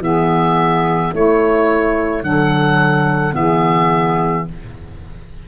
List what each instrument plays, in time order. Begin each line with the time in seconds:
0.00 tuba E3, clarinet B3, saxophone G#4, oboe E5
1.13 tuba A3, clarinet A3, saxophone E4, oboe C#5
2.23 tuba D3, clarinet F#3, saxophone A4, oboe F#5
3.33 tuba E3, clarinet B3, saxophone G#4, oboe E5